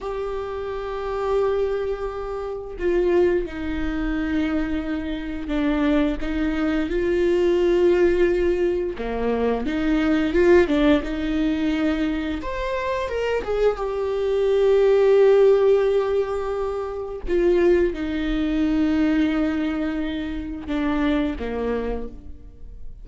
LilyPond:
\new Staff \with { instrumentName = "viola" } { \time 4/4 \tempo 4 = 87 g'1 | f'4 dis'2. | d'4 dis'4 f'2~ | f'4 ais4 dis'4 f'8 d'8 |
dis'2 c''4 ais'8 gis'8 | g'1~ | g'4 f'4 dis'2~ | dis'2 d'4 ais4 | }